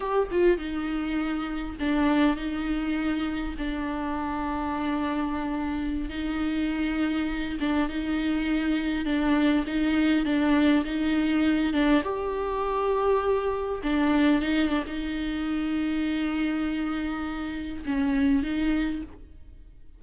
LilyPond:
\new Staff \with { instrumentName = "viola" } { \time 4/4 \tempo 4 = 101 g'8 f'8 dis'2 d'4 | dis'2 d'2~ | d'2~ d'16 dis'4.~ dis'16~ | dis'8. d'8 dis'2 d'8.~ |
d'16 dis'4 d'4 dis'4. d'16~ | d'16 g'2. d'8.~ | d'16 dis'8 d'16 dis'2.~ | dis'2 cis'4 dis'4 | }